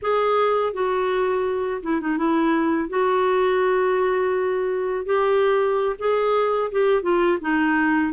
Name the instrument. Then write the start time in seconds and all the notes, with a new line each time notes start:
clarinet
0.02 G#4
0.73 F#4
1.82 E4
2.00 D#4
2.17 E4
2.89 F#4
5.05 G4
5.98 G#4
6.71 G4
7.02 F4
7.41 D#4